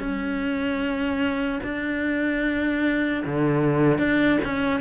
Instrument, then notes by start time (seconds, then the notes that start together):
cello
0.00 C#4
1.64 D4
3.26 D3
3.99 D4
4.45 C#4